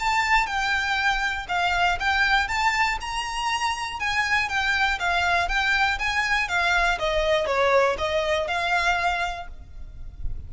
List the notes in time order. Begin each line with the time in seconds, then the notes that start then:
0.00 A5
0.47 G5
1.49 F5
2.00 G5
2.48 A5
3.01 A#5
4.00 G#5
4.49 G5
4.99 F5
5.49 G5
5.99 G#5
6.49 F5
6.99 D#5
7.47 C#5
7.98 D#5
8.48 F5